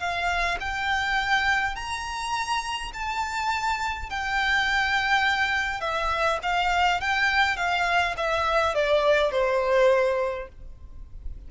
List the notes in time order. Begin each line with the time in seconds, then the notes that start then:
0.00 F5
0.61 G5
1.76 A#5
2.94 A5
4.10 G5
5.81 E5
6.43 F5
7.01 G5
7.57 F5
8.17 E5
8.75 D5
9.32 C5